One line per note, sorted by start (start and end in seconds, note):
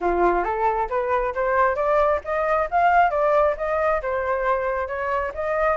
0.01 0.44 F4
0.44 0.88 A4
0.89 1.34 B4
1.34 1.75 C5
1.75 2.20 D5
2.24 2.68 D#5
2.71 3.10 F5
3.10 3.55 D5
3.57 4.01 D#5
4.02 4.87 C5
4.87 5.32 C#5
5.34 5.77 D#5